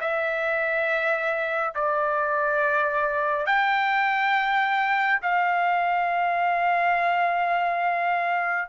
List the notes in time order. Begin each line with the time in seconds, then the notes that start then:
0.00 E5
1.75 D5
3.46 G5
5.22 F5